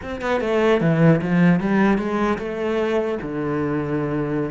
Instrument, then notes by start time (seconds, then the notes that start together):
cello
0.02 C4
0.21 B3
0.41 A3
0.81 E3
1.21 F3
1.60 G3
1.98 G#3
2.38 A3
3.21 D3